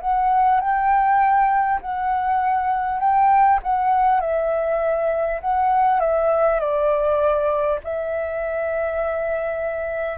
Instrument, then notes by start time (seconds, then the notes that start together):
flute
0.00 F#5
0.60 G5
1.81 F#5
2.99 G5
3.63 F#5
4.20 E5
5.41 F#5
6.00 E5
6.59 D5
7.83 E5